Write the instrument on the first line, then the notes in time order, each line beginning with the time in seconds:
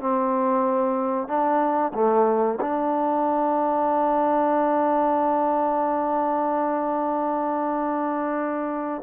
trombone
0.00 C4
1.28 D4
1.94 A3
2.61 D4